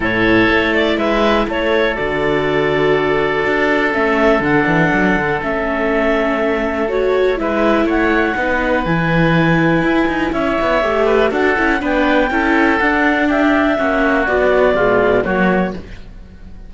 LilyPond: <<
  \new Staff \with { instrumentName = "clarinet" } { \time 4/4 \tempo 4 = 122 cis''4. d''8 e''4 cis''4 | d''1 | e''4 fis''2 e''4~ | e''2 cis''4 e''4 |
fis''2 gis''2~ | gis''4 e''2 fis''4 | g''2 fis''4 e''4~ | e''4 d''2 cis''4 | }
  \new Staff \with { instrumentName = "oboe" } { \time 4/4 a'2 b'4 a'4~ | a'1~ | a'1~ | a'2. b'4 |
cis''4 b'2.~ | b'4 cis''4. b'8 a'4 | b'4 a'2 g'4 | fis'2 f'4 fis'4 | }
  \new Staff \with { instrumentName = "viola" } { \time 4/4 e'1 | fis'1 | cis'4 d'2 cis'4~ | cis'2 fis'4 e'4~ |
e'4 dis'4 e'2~ | e'2 g'4 fis'8 e'8 | d'4 e'4 d'2 | cis'4 fis4 gis4 ais4 | }
  \new Staff \with { instrumentName = "cello" } { \time 4/4 a,4 a4 gis4 a4 | d2. d'4 | a4 d8 e8 fis8 d8 a4~ | a2. gis4 |
a4 b4 e2 | e'8 dis'8 cis'8 b8 a4 d'8 cis'8 | b4 cis'4 d'2 | ais4 b4 b,4 fis4 | }
>>